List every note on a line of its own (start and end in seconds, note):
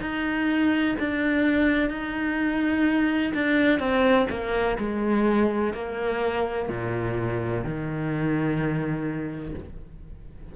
0.00 0.95 D#4
0.99 1.89 D4
1.89 3.32 D#4
3.34 3.79 D4
3.79 4.26 C4
4.29 4.77 A#3
4.78 5.73 G#3
5.73 6.68 A#3
6.68 7.64 A#2
7.64 9.54 D#3